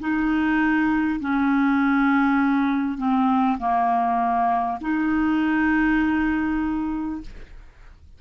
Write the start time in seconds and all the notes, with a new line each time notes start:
0.00 D#4
1.20 C#4
2.98 C4
3.58 A#3
4.81 D#4